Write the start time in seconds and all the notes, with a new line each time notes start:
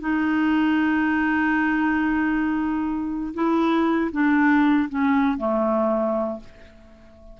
0.00 D#4
3.34 E4
4.12 D4
4.89 C#4
5.37 A3